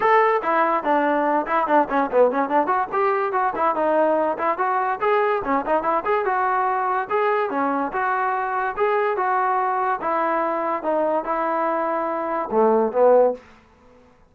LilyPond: \new Staff \with { instrumentName = "trombone" } { \time 4/4 \tempo 4 = 144 a'4 e'4 d'4. e'8 | d'8 cis'8 b8 cis'8 d'8 fis'8 g'4 | fis'8 e'8 dis'4. e'8 fis'4 | gis'4 cis'8 dis'8 e'8 gis'8 fis'4~ |
fis'4 gis'4 cis'4 fis'4~ | fis'4 gis'4 fis'2 | e'2 dis'4 e'4~ | e'2 a4 b4 | }